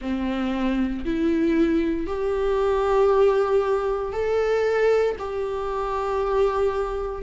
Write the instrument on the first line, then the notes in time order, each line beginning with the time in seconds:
viola
0.00 C4
1.04 E4
2.06 G4
4.12 A4
5.19 G4